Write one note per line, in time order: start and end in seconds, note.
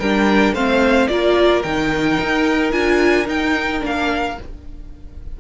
0.00 0.53 G3
0.00 0.56 D4
0.00 0.55 A#4
0.00 0.55 G5
0.53 1.08 A3
0.53 1.09 C4
0.53 1.09 C5
0.53 1.08 F5
1.08 1.64 A#3
1.08 1.64 F4
1.08 4.39 A#4
1.08 1.62 D5
1.63 2.19 D#3
1.63 2.72 D#4
1.63 2.72 G5
2.21 2.72 D#4
2.72 3.27 D4
2.72 3.26 F4
2.72 3.26 G#5
3.26 3.80 D#4
3.26 3.82 D#4
3.26 3.84 G5
3.80 4.38 A#3
3.80 4.34 D4
3.86 4.40 F5